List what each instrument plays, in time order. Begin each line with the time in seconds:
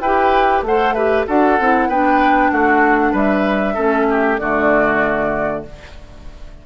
0.00 bassoon E4, clarinet G4, oboe B4, flute G5
0.62 bassoon A3, clarinet A4, oboe C5, flute F#5
0.92 clarinet G4, oboe B4, flute E5
1.26 bassoon D4, clarinet F#4, oboe A4, flute F#5
1.59 bassoon C4, clarinet E4
1.88 bassoon B3, clarinet D4, oboe B4, flute G5
2.51 bassoon A3, oboe F#4, flute F#5
3.12 bassoon G3, oboe B4, flute E5
3.74 bassoon A3, clarinet C#4, oboe A4
4.10 oboe G4
4.38 bassoon D3, clarinet A3, oboe F#4, flute D5